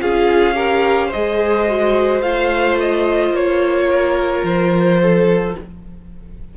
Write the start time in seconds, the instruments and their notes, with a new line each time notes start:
0.00 cello C#4, viola F4, violin G#4 F5
0.55 viola G4, violin A#4
1.07 violin C5 D#5
1.15 cello G#3, viola G#4
1.69 viola F#4
2.22 cello A3, viola F4, violin F5
2.80 violin D#5
3.31 cello A#3, violin C#5
3.91 violin A#4
4.44 cello F3, violin C5
5.02 violin A4